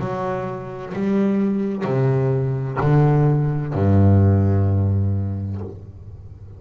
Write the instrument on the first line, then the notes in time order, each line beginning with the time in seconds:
double bass
0.00 F#3
0.94 G3
1.85 C3
2.81 D3
3.74 G2